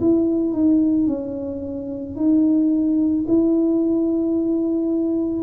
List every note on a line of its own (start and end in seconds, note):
0.00 0.53 E4
0.53 1.07 D#4
1.07 2.16 C#4
2.16 3.25 D#4
3.28 5.43 E4